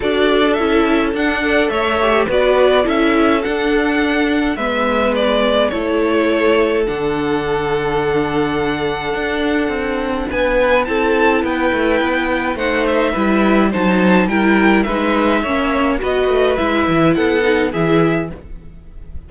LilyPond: <<
  \new Staff \with { instrumentName = "violin" } { \time 4/4 \tempo 4 = 105 d''4 e''4 fis''4 e''4 | d''4 e''4 fis''2 | e''4 d''4 cis''2 | fis''1~ |
fis''2 gis''4 a''4 | g''2 fis''8 e''4. | a''4 g''4 e''2 | dis''4 e''4 fis''4 e''4 | }
  \new Staff \with { instrumentName = "violin" } { \time 4/4 a'2~ a'8 d''8 cis''4 | b'4 a'2. | b'2 a'2~ | a'1~ |
a'2 b'4 a'4 | b'2 c''4 b'4 | c''4 ais'4 b'4 cis''4 | b'2 a'4 gis'4 | }
  \new Staff \with { instrumentName = "viola" } { \time 4/4 fis'4 e'4 d'8 a'4 g'8 | fis'4 e'4 d'2 | b2 e'2 | d'1~ |
d'2. e'4~ | e'2 dis'4 e'4 | dis'4 e'4 dis'4 cis'4 | fis'4 e'4. dis'8 e'4 | }
  \new Staff \with { instrumentName = "cello" } { \time 4/4 d'4 cis'4 d'4 a4 | b4 cis'4 d'2 | gis2 a2 | d1 |
d'4 c'4 b4 c'4 | b8 a8 b4 a4 g4 | fis4 g4 gis4 ais4 | b8 a8 gis8 e8 b4 e4 | }
>>